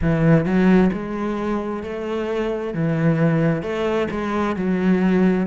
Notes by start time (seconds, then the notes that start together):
0.01 E3
0.45 F#3
0.92 G#3
1.83 A3
2.74 E3
3.62 A3
4.10 G#3
4.56 F#3